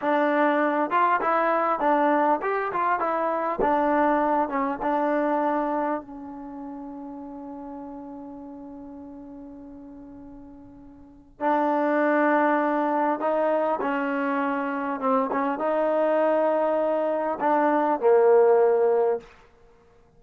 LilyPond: \new Staff \with { instrumentName = "trombone" } { \time 4/4 \tempo 4 = 100 d'4. f'8 e'4 d'4 | g'8 f'8 e'4 d'4. cis'8 | d'2 cis'2~ | cis'1~ |
cis'2. d'4~ | d'2 dis'4 cis'4~ | cis'4 c'8 cis'8 dis'2~ | dis'4 d'4 ais2 | }